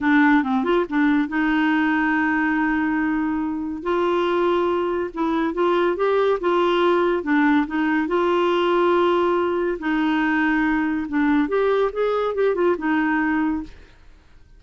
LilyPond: \new Staff \with { instrumentName = "clarinet" } { \time 4/4 \tempo 4 = 141 d'4 c'8 f'8 d'4 dis'4~ | dis'1~ | dis'4 f'2. | e'4 f'4 g'4 f'4~ |
f'4 d'4 dis'4 f'4~ | f'2. dis'4~ | dis'2 d'4 g'4 | gis'4 g'8 f'8 dis'2 | }